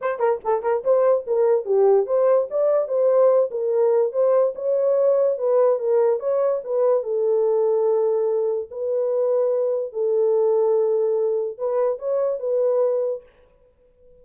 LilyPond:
\new Staff \with { instrumentName = "horn" } { \time 4/4 \tempo 4 = 145 c''8 ais'8 a'8 ais'8 c''4 ais'4 | g'4 c''4 d''4 c''4~ | c''8 ais'4. c''4 cis''4~ | cis''4 b'4 ais'4 cis''4 |
b'4 a'2.~ | a'4 b'2. | a'1 | b'4 cis''4 b'2 | }